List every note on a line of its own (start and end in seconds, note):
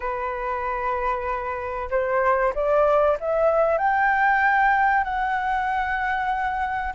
0.00 1.89 B4
1.90 2.53 C5
2.54 3.18 D5
3.20 3.78 E5
3.78 5.04 G5
5.04 6.93 F#5